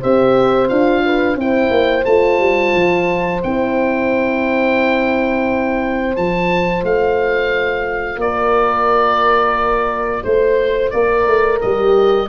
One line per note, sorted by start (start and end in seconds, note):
0.00 0.70 C4
0.00 0.68 G4
0.00 1.02 C5
0.00 0.68 E5
0.68 1.36 D4
0.68 1.36 F4
0.68 1.36 F5
1.05 1.39 B4
1.36 1.70 C4
1.36 2.04 E4
1.36 8.20 C5
1.36 2.05 G5
1.70 2.04 A#3
2.05 2.39 A3
2.05 3.43 F4
2.05 3.41 A5
2.39 2.73 G3
2.74 3.43 F3
3.43 6.17 C4
3.43 6.15 E4
3.43 6.16 G5
6.15 6.83 F3
6.15 11.61 F4
6.15 6.84 A5
6.83 8.16 A3
6.83 8.20 F5
8.16 10.21 A#3
8.16 10.25 A#4
8.16 10.24 D5
10.24 10.93 A3
10.24 10.90 C5
10.24 10.93 C5
10.90 11.27 A#3
10.90 12.28 A#4
10.90 11.59 D5
11.27 11.61 A3
11.61 12.28 G3
11.61 12.28 G4
11.61 12.28 D#5